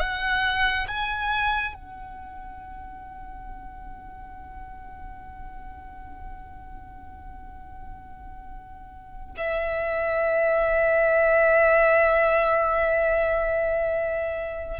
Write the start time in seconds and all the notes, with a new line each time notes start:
0.00 F#5
0.88 G#5
1.74 F#5
9.37 E5